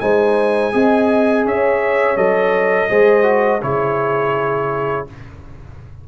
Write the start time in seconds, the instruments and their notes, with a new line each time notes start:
0.00 tuba G#3, trombone D#4, horn C5, trumpet G#5
0.72 tuba C4, trombone G#4, horn D#5
1.45 tuba C#4, horn C#5, trumpet E5
2.16 tuba F#3, trombone A4, trumpet D#5
2.89 tuba G#3, trombone G#4, horn C5
3.23 trombone F#4
3.62 tuba C#3, trombone E4, horn G#4, trumpet C#5